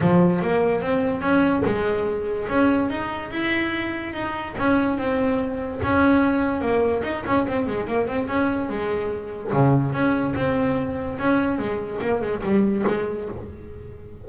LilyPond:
\new Staff \with { instrumentName = "double bass" } { \time 4/4 \tempo 4 = 145 f4 ais4 c'4 cis'4 | gis2 cis'4 dis'4 | e'2 dis'4 cis'4 | c'2 cis'2 |
ais4 dis'8 cis'8 c'8 gis8 ais8 c'8 | cis'4 gis2 cis4 | cis'4 c'2 cis'4 | gis4 ais8 gis8 g4 gis4 | }